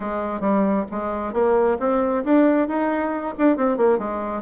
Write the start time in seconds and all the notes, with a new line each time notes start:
0.00 G#3
0.40 G3
0.91 G#3
1.33 A#3
1.79 C4
2.24 D4
2.67 D#4
3.37 D4
3.57 C4
3.77 A#3
3.98 G#3